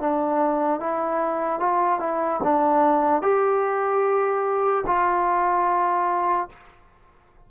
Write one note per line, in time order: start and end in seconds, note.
0.00 0.80 D4
0.80 1.60 E4
1.60 2.00 F4
2.00 2.40 E4
2.43 3.22 D4
3.22 4.85 G4
4.87 6.49 F4